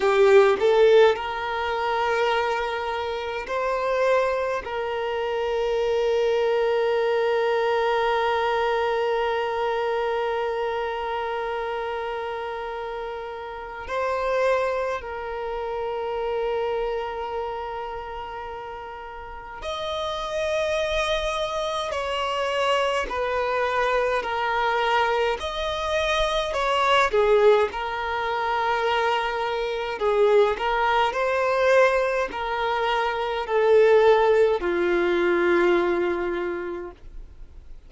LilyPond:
\new Staff \with { instrumentName = "violin" } { \time 4/4 \tempo 4 = 52 g'8 a'8 ais'2 c''4 | ais'1~ | ais'1 | c''4 ais'2.~ |
ais'4 dis''2 cis''4 | b'4 ais'4 dis''4 cis''8 gis'8 | ais'2 gis'8 ais'8 c''4 | ais'4 a'4 f'2 | }